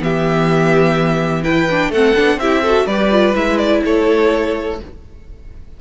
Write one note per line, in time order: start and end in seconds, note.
0.00 1.89 E3
0.00 1.44 B3
0.00 1.44 G4
0.00 1.43 E5
1.43 1.68 E4
1.43 1.91 B4
1.43 1.91 G5
1.70 1.94 D4
1.89 2.13 A3
1.89 2.16 C4
1.89 2.39 A4
1.89 2.39 F#5
2.16 2.36 B3
2.16 2.40 D4
2.36 2.84 C4
2.36 2.65 E4
2.36 2.62 G4
2.36 2.87 E5
2.62 2.89 F#4
2.62 2.86 A4
2.86 3.34 G3
2.86 3.12 G4
2.86 3.81 B4
2.86 3.35 D5
3.12 3.35 F4
3.35 3.83 G#3
3.35 4.78 E4
3.35 3.58 E5
3.58 3.82 D5
3.84 4.80 A3
3.84 4.80 A4
3.84 4.81 C#5